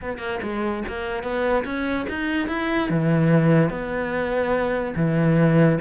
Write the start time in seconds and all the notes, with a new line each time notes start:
0.01 B3
0.18 A#3
0.42 G#3
0.87 A#3
1.23 B3
1.64 C#4
2.09 D#4
2.48 E4
2.89 E3
3.70 B3
4.96 E3